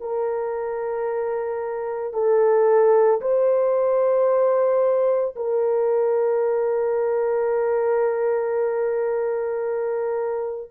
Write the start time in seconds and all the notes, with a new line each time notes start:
0.00 A#4
2.13 A4
3.21 C5
5.36 A#4